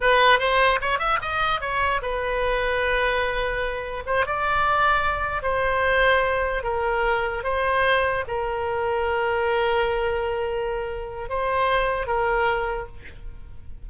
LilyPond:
\new Staff \with { instrumentName = "oboe" } { \time 4/4 \tempo 4 = 149 b'4 c''4 cis''8 e''8 dis''4 | cis''4 b'2.~ | b'2 c''8 d''4.~ | d''4. c''2~ c''8~ |
c''8 ais'2 c''4.~ | c''8 ais'2.~ ais'8~ | ais'1 | c''2 ais'2 | }